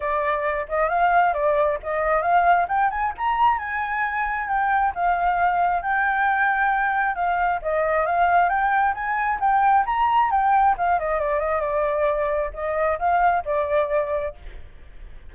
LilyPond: \new Staff \with { instrumentName = "flute" } { \time 4/4 \tempo 4 = 134 d''4. dis''8 f''4 d''4 | dis''4 f''4 g''8 gis''8 ais''4 | gis''2 g''4 f''4~ | f''4 g''2. |
f''4 dis''4 f''4 g''4 | gis''4 g''4 ais''4 g''4 | f''8 dis''8 d''8 dis''8 d''2 | dis''4 f''4 d''2 | }